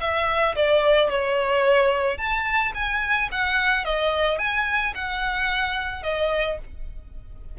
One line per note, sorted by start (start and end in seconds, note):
0.00 0.55 E5
0.55 1.09 D5
1.09 2.17 C#5
2.17 2.72 A5
2.74 3.29 G#5
3.31 3.85 F#5
3.85 4.38 D#5
4.38 4.93 G#5
4.94 6.03 F#5
6.03 6.58 D#5